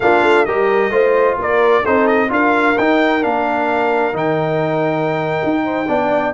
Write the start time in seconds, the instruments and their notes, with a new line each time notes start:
0.00 tuba A#3, trombone D4, horn F4, trumpet F5
0.22 tuba A3
0.45 tuba G3, trombone G4, horn A#4, trumpet D#5
0.90 tuba A3, trombone F4, horn C5
1.38 tuba A#3, horn A#4, trumpet D5
1.83 tuba C4, trombone D#4, horn A4, trumpet C5
2.07 trumpet D#5
2.29 tuba D4, trombone F4, horn A#4, trumpet F5
2.77 tuba D#4, trombone D#4, trumpet G5
3.22 tuba A#3, trombone D4, trumpet F5
4.13 tuba D#3, trombone D#4, trumpet G5
5.43 tuba D#4
5.64 horn C5
5.87 tuba B3, trombone D4, horn D5